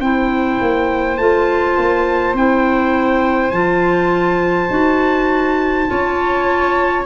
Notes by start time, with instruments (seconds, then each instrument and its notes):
0.00 tuba C4, clarinet E4, viola C5, trumpet G5
0.61 tuba A#3
1.17 tuba A3, clarinet F4, trumpet A5
1.77 tuba A#3
2.34 tuba C4, clarinet E4, trumpet G5
3.51 tuba F3, clarinet F4, trumpet A5
4.70 tuba D#4, clarinet F#4
5.87 tuba C#4, clarinet F4, viola C#5